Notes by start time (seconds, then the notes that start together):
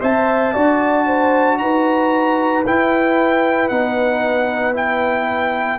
0.00 C4 C5 E5 A5
0.53 D4 F#4 D5
1.06 C5
1.58 D#4 B4 A#5
2.66 E4 G5
3.68 B3 D#4 F#5
4.73 E4 G5